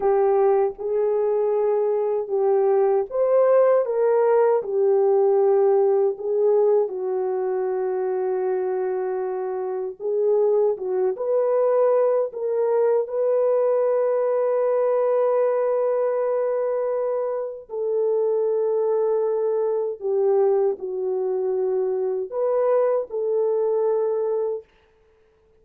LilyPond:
\new Staff \with { instrumentName = "horn" } { \time 4/4 \tempo 4 = 78 g'4 gis'2 g'4 | c''4 ais'4 g'2 | gis'4 fis'2.~ | fis'4 gis'4 fis'8 b'4. |
ais'4 b'2.~ | b'2. a'4~ | a'2 g'4 fis'4~ | fis'4 b'4 a'2 | }